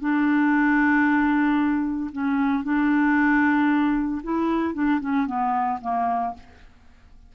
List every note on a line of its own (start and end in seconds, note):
0.00 2.11 D4
2.12 2.64 C#4
2.64 4.22 D4
4.23 4.74 E4
4.74 5.00 D4
5.00 5.27 C#4
5.27 5.79 B3
5.81 6.34 A#3